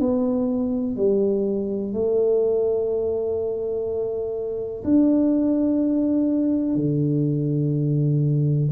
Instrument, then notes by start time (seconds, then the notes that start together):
tuba
0.00 B3
0.97 G3
1.94 A3
4.84 D4
6.76 D3